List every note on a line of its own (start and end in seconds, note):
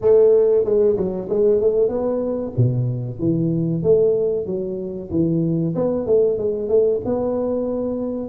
0.01 0.64 A3
0.64 0.96 G#3
0.96 1.28 F#3
1.29 1.60 G#3
1.60 1.88 A3
1.88 2.52 B3
2.57 3.19 B2
3.19 3.82 E3
3.82 4.46 A3
4.46 5.09 F#3
5.11 5.74 E3
5.75 6.06 B3
6.06 6.38 A3
6.38 6.68 G#3
6.68 7.00 A3
7.05 8.28 B3